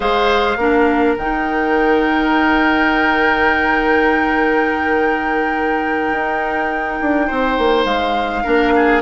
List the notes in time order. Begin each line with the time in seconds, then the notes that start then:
0.00 G#3 G#4 C5 F5
0.56 A#3 D4 A#4
1.17 D#3 D#4 G5
6.12 D#4
7.01 D4
7.26 C4 C5
7.58 A#3
7.84 G#3 F5
8.43 A#3 D4 A#4
8.75 G#4